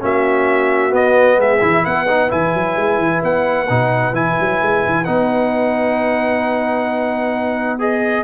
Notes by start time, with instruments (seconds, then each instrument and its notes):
0.00 tuba A#3, trombone C#4, horn F#4, trumpet E5
0.91 trombone B3, tuba B3, trumpet D#5
1.38 tuba G#3, horn G#4, trumpet E5
1.61 tuba E3, trombone E4
1.84 tuba B3, horn B4, trumpet F#5
2.08 trombone D#4
2.29 tuba E3, trombone E4, trumpet G#5
2.54 tuba F#3
2.76 tuba G#3
2.99 tuba E3
3.23 tuba B3, trumpet F#5
3.70 tuba B2, trombone D#4
4.12 tuba E3, trombone E4, trumpet G#5
4.40 tuba F#3
4.62 tuba G#3
4.86 tuba E3
5.05 tuba B3, trombone D#4, trumpet F#5
7.79 trombone G#4, trumpet D#5